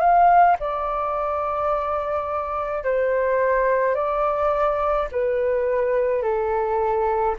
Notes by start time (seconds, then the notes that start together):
0.00 F5
0.60 D5
2.85 C5
3.95 D5
5.12 B4
6.23 A4